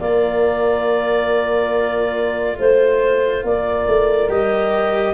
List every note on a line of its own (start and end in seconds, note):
0.00 2.57 A#3
0.00 4.29 F4
0.00 2.58 A#4
0.00 2.57 D5
2.58 3.43 A3
2.58 3.44 C5
3.43 3.86 A#3
3.43 5.14 A#4
3.43 4.30 D5
3.87 4.29 A3
4.29 5.14 G3
4.29 5.14 G4
4.29 5.14 D#5